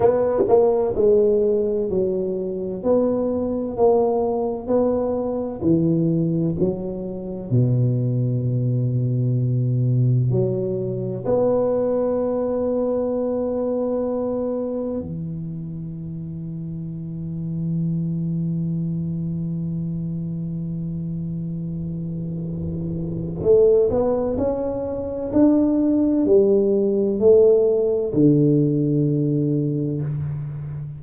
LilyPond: \new Staff \with { instrumentName = "tuba" } { \time 4/4 \tempo 4 = 64 b8 ais8 gis4 fis4 b4 | ais4 b4 e4 fis4 | b,2. fis4 | b1 |
e1~ | e1~ | e4 a8 b8 cis'4 d'4 | g4 a4 d2 | }